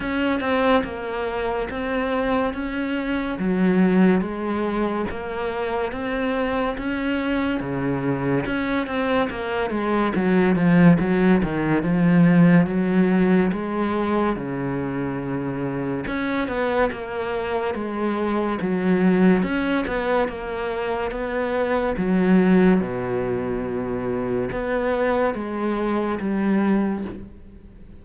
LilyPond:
\new Staff \with { instrumentName = "cello" } { \time 4/4 \tempo 4 = 71 cis'8 c'8 ais4 c'4 cis'4 | fis4 gis4 ais4 c'4 | cis'4 cis4 cis'8 c'8 ais8 gis8 | fis8 f8 fis8 dis8 f4 fis4 |
gis4 cis2 cis'8 b8 | ais4 gis4 fis4 cis'8 b8 | ais4 b4 fis4 b,4~ | b,4 b4 gis4 g4 | }